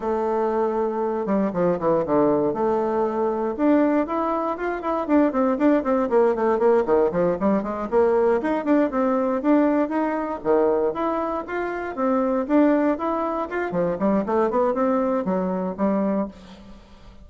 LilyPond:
\new Staff \with { instrumentName = "bassoon" } { \time 4/4 \tempo 4 = 118 a2~ a8 g8 f8 e8 | d4 a2 d'4 | e'4 f'8 e'8 d'8 c'8 d'8 c'8 | ais8 a8 ais8 dis8 f8 g8 gis8 ais8~ |
ais8 dis'8 d'8 c'4 d'4 dis'8~ | dis'8 dis4 e'4 f'4 c'8~ | c'8 d'4 e'4 f'8 f8 g8 | a8 b8 c'4 fis4 g4 | }